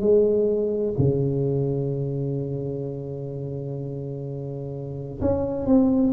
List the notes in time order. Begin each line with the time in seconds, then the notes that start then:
0.00 G#3
0.98 C#3
5.21 C#4
5.66 C4